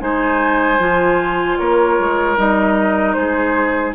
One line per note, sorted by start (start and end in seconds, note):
0.00 0.79 G#3
0.00 0.79 D#4
0.00 1.59 C5
0.00 1.58 G#5
0.79 1.58 F3
0.79 2.37 F4
1.58 1.99 A#3
1.58 3.17 A#4
1.58 2.37 C#5
1.99 2.37 G#3
2.37 3.16 G3
2.37 3.95 D#4
2.37 3.13 D#5
3.13 3.95 G#3
3.13 3.95 G#4
3.13 3.92 C5